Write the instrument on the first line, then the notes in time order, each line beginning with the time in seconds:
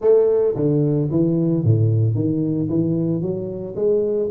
tuba
0.01 A3
0.55 D3
1.11 E3
1.64 A2
2.14 D#3
2.69 E3
3.21 F#3
3.75 G#3